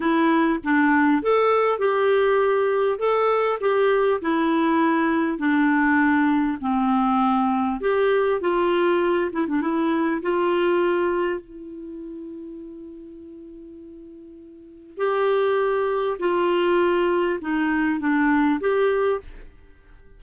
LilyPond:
\new Staff \with { instrumentName = "clarinet" } { \time 4/4 \tempo 4 = 100 e'4 d'4 a'4 g'4~ | g'4 a'4 g'4 e'4~ | e'4 d'2 c'4~ | c'4 g'4 f'4. e'16 d'16 |
e'4 f'2 e'4~ | e'1~ | e'4 g'2 f'4~ | f'4 dis'4 d'4 g'4 | }